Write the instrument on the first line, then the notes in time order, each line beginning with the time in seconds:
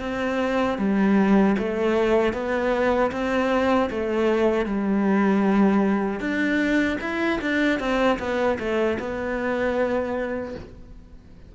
cello
0.00 C4
0.78 G3
1.58 A3
2.33 B3
3.12 C4
3.91 A3
4.66 G3
6.20 D4
7.01 E4
7.41 D4
7.80 C4
8.19 B3
8.59 A3
8.99 B3